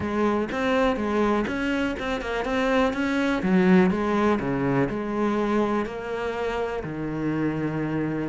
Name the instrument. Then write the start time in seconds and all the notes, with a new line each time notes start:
cello
0.00 G#3
0.51 C4
0.96 G#3
1.47 C#4
1.99 C4
2.21 A#3
2.44 C4
2.93 C#4
3.42 F#3
3.90 G#3
4.39 C#3
4.89 G#3
5.85 A#3
6.83 D#3